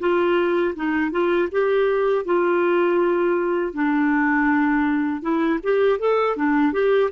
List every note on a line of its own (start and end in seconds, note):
0.00 0.75 F4
0.76 1.11 D#4
1.11 1.49 F4
1.52 2.26 G4
2.26 3.74 F4
3.74 5.23 D4
5.23 5.60 E4
5.64 6.00 G4
6.00 6.37 A4
6.37 6.73 D4
6.73 7.11 G4